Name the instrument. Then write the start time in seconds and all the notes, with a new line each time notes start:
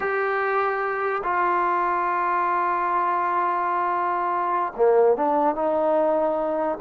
trombone
0.00 G4
1.23 F4
4.76 A#3
5.16 D4
5.55 D#4